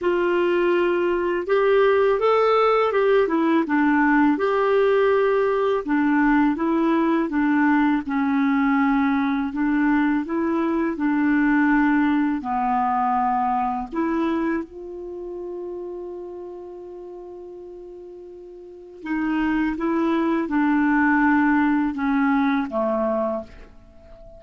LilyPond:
\new Staff \with { instrumentName = "clarinet" } { \time 4/4 \tempo 4 = 82 f'2 g'4 a'4 | g'8 e'8 d'4 g'2 | d'4 e'4 d'4 cis'4~ | cis'4 d'4 e'4 d'4~ |
d'4 b2 e'4 | f'1~ | f'2 dis'4 e'4 | d'2 cis'4 a4 | }